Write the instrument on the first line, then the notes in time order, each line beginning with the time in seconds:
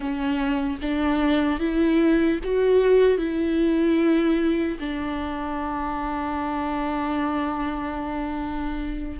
viola
0.00 C#4
0.81 D4
1.59 E4
2.43 F#4
3.18 E4
4.79 D4